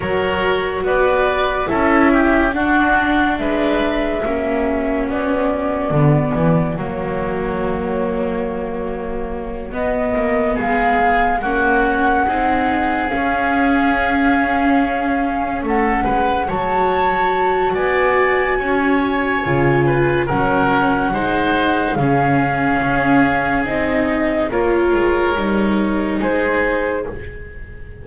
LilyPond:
<<
  \new Staff \with { instrumentName = "flute" } { \time 4/4 \tempo 4 = 71 cis''4 d''4 e''4 fis''4 | e''2 d''2 | cis''2.~ cis''8 dis''8~ | dis''8 f''4 fis''2 f''8~ |
f''2~ f''8 fis''4 a''8~ | a''4 gis''2. | fis''2 f''2 | dis''4 cis''2 c''4 | }
  \new Staff \with { instrumentName = "oboe" } { \time 4/4 ais'4 b'4 a'8 g'8 fis'4 | b'4 fis'2.~ | fis'1~ | fis'8 gis'4 fis'4 gis'4.~ |
gis'2~ gis'8 a'8 b'8 cis''8~ | cis''4 d''4 cis''4. b'8 | ais'4 c''4 gis'2~ | gis'4 ais'2 gis'4 | }
  \new Staff \with { instrumentName = "viola" } { \time 4/4 fis'2 e'4 d'4~ | d'4 cis'2 b4 | ais2.~ ais8 b8~ | b4. cis'4 dis'4 cis'8~ |
cis'2.~ cis'8 fis'8~ | fis'2. f'4 | cis'4 dis'4 cis'2 | dis'4 f'4 dis'2 | }
  \new Staff \with { instrumentName = "double bass" } { \time 4/4 fis4 b4 cis'4 d'4 | gis4 ais4 b4 d8 e8 | fis2.~ fis8 b8 | ais8 gis4 ais4 c'4 cis'8~ |
cis'2~ cis'8 a8 gis8 fis8~ | fis4 b4 cis'4 cis4 | fis4 gis4 cis4 cis'4 | c'4 ais8 gis8 g4 gis4 | }
>>